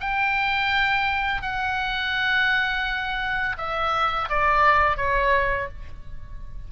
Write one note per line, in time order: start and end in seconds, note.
0.00 1.42 G5
1.42 3.56 F#5
3.57 4.29 E5
4.29 4.96 D5
4.96 5.68 C#5